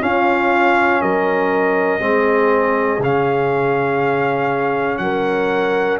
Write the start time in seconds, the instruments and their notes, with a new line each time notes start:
0.00 trombone C#4, tuba C#4, horn F4, trumpet F5
1.02 tuba F#3, horn A#4, trumpet D#5
2.00 tuba G#3, trombone C4, horn G#4
2.99 tuba C#3, trombone C#4, trumpet F5
4.98 tuba F#3, horn A#4, trumpet F#5